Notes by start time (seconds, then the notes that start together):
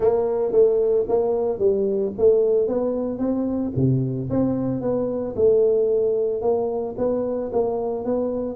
0.00 A#3
0.52 A3
1.08 A#3
1.58 G3
2.17 A3
2.67 B3
3.18 C4
3.76 C3
4.30 C4
4.81 B3
5.35 A3
6.41 A#3
6.97 B3
7.52 A#3
8.05 B3